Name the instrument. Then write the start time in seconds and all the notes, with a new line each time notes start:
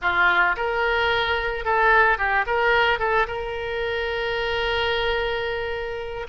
oboe
0.01 F4
0.56 A#4
1.65 A4
2.17 G4
2.46 A#4
2.99 A4
3.27 A#4